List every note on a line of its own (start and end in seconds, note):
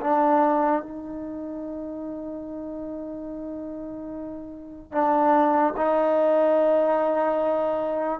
0.00 0.82 D4
0.82 4.91 D#4
4.91 5.73 D4
5.76 8.19 D#4